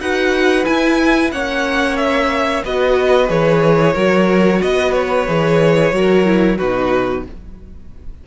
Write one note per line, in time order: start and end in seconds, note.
0.00 0.66 D#4
0.00 0.66 F#4
0.00 1.33 B4
0.00 0.65 F#5
0.65 1.31 E4
0.65 1.33 E4
0.65 1.31 G#5
1.32 2.65 A#3
1.32 2.64 C#4
1.32 2.65 C#5
1.32 1.97 F#5
1.97 2.63 E5
2.65 3.30 B3
2.65 3.28 F#4
2.65 3.94 B4
2.65 3.30 D#5
3.28 3.96 E3
3.28 3.94 G#4
3.28 4.62 C#5
3.94 4.62 F#3
3.94 5.27 F#4
3.94 4.60 A#4
4.62 5.28 B3
4.62 5.95 B4
4.62 4.93 D#5
4.93 6.58 C#5
5.27 5.92 E3
5.27 5.93 G#4
5.92 6.58 F#3
5.92 6.25 F#4
5.92 6.58 A#4
6.25 6.58 E4
6.58 7.26 B2
6.58 7.27 D#4
6.58 7.24 F#4
6.58 7.25 B4